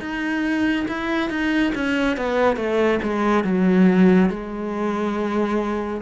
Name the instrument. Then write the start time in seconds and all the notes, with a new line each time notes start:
cello
0.00 D#4
0.88 E4
1.29 D#4
1.75 C#4
2.17 B3
2.56 A3
3.02 G#3
3.44 F#3
4.29 G#3